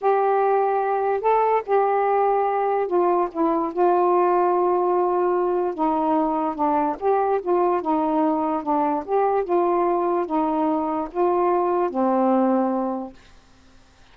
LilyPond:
\new Staff \with { instrumentName = "saxophone" } { \time 4/4 \tempo 4 = 146 g'2. a'4 | g'2. f'4 | e'4 f'2.~ | f'2 dis'2 |
d'4 g'4 f'4 dis'4~ | dis'4 d'4 g'4 f'4~ | f'4 dis'2 f'4~ | f'4 c'2. | }